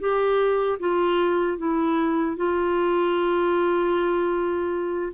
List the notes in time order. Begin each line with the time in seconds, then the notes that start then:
0.00 G4
0.80 F4
1.58 E4
2.37 F4